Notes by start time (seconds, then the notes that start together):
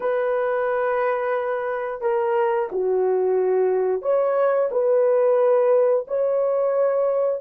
0.00 B4
2.01 A#4
2.72 F#4
4.01 C#5
4.71 B4
6.07 C#5